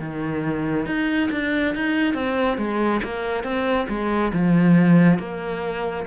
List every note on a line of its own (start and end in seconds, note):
0.00 0.86 D#3
0.86 1.30 D#4
1.32 1.75 D4
1.75 2.14 D#4
2.14 2.58 C4
2.58 3.01 G#3
3.04 3.44 A#3
3.44 3.87 C4
3.89 4.32 G#3
4.33 5.19 F3
5.19 6.06 A#3